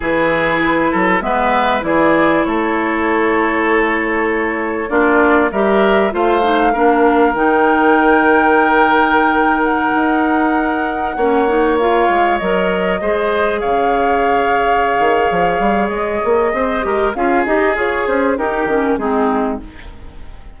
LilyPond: <<
  \new Staff \with { instrumentName = "flute" } { \time 4/4 \tempo 4 = 98 b'2 e''4 d''4 | cis''1 | d''4 e''4 f''2 | g''2.~ g''8. fis''16~ |
fis''2.~ fis''16 f''8.~ | f''16 dis''2 f''4.~ f''16~ | f''2 dis''2 | f''8 dis''8 cis''8 c''8 ais'4 gis'4 | }
  \new Staff \with { instrumentName = "oboe" } { \time 4/4 gis'4. a'8 b'4 gis'4 | a'1 | f'4 ais'4 c''4 ais'4~ | ais'1~ |
ais'2~ ais'16 cis''4.~ cis''16~ | cis''4~ cis''16 c''4 cis''4.~ cis''16~ | cis''2. c''8 ais'8 | gis'2 g'4 dis'4 | }
  \new Staff \with { instrumentName = "clarinet" } { \time 4/4 e'2 b4 e'4~ | e'1 | d'4 g'4 f'8 dis'8 d'4 | dis'1~ |
dis'2~ dis'16 cis'8 dis'8 f'8.~ | f'16 ais'4 gis'2~ gis'8.~ | gis'2.~ gis'8 g'8 | f'8 g'8 gis'4 dis'8 cis'8 c'4 | }
  \new Staff \with { instrumentName = "bassoon" } { \time 4/4 e4. fis8 gis4 e4 | a1 | ais4 g4 a4 ais4 | dis1~ |
dis16 dis'2 ais4. gis16~ | gis16 fis4 gis4 cis4.~ cis16~ | cis8 dis8 f8 g8 gis8 ais8 c'8 gis8 | cis'8 dis'8 f'8 cis'8 dis'8 dis8 gis4 | }
>>